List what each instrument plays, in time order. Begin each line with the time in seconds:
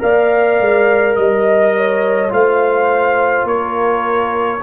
0.00 tuba A#3, trombone A#4, horn D5, trumpet F5
0.60 tuba G#3
1.16 tuba G3, trumpet D#5, horn D#5
1.77 horn C#5
2.30 tuba A3, trombone F4, horn C5, trumpet F5
3.44 tuba A#3, horn A#4, trumpet C#5